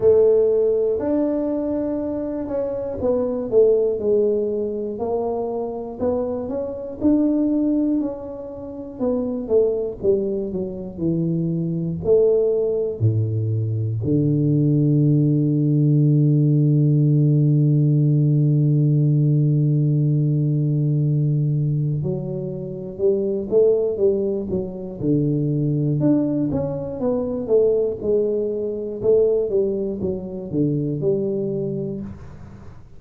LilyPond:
\new Staff \with { instrumentName = "tuba" } { \time 4/4 \tempo 4 = 60 a4 d'4. cis'8 b8 a8 | gis4 ais4 b8 cis'8 d'4 | cis'4 b8 a8 g8 fis8 e4 | a4 a,4 d2~ |
d1~ | d2 fis4 g8 a8 | g8 fis8 d4 d'8 cis'8 b8 a8 | gis4 a8 g8 fis8 d8 g4 | }